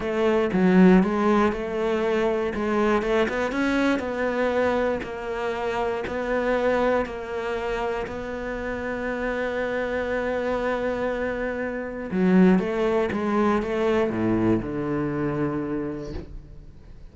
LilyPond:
\new Staff \with { instrumentName = "cello" } { \time 4/4 \tempo 4 = 119 a4 fis4 gis4 a4~ | a4 gis4 a8 b8 cis'4 | b2 ais2 | b2 ais2 |
b1~ | b1 | fis4 a4 gis4 a4 | a,4 d2. | }